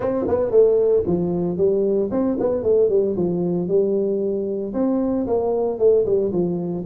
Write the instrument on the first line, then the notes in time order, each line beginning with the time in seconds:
tuba
0.00 C4
0.27 B3
0.50 A3
1.06 F3
1.57 G3
2.11 C4
2.39 B3
2.63 A3
2.89 G3
3.16 F3
3.67 G3
4.73 C4
5.26 A#3
5.78 A3
6.05 G3
6.32 F3